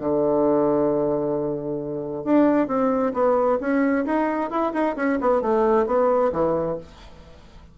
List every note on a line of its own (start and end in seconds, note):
0.00 2.24 D3
2.24 2.68 D4
2.68 3.13 C4
3.14 3.59 B3
3.60 4.05 C#4
4.05 4.50 D#4
4.50 4.73 E4
4.73 4.95 D#4
4.96 5.19 C#4
5.20 5.42 B3
5.42 5.86 A3
5.86 6.31 B3
6.32 6.77 E3